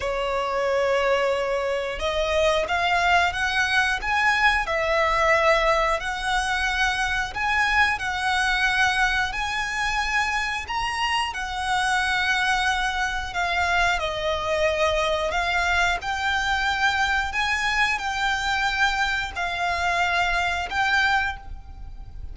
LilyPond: \new Staff \with { instrumentName = "violin" } { \time 4/4 \tempo 4 = 90 cis''2. dis''4 | f''4 fis''4 gis''4 e''4~ | e''4 fis''2 gis''4 | fis''2 gis''2 |
ais''4 fis''2. | f''4 dis''2 f''4 | g''2 gis''4 g''4~ | g''4 f''2 g''4 | }